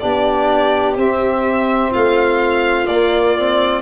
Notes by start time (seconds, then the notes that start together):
0.00 B3 D4 G4 D5
0.97 C4 E5
1.91 A3 F4 F5
2.87 A#3 D5
3.37 C4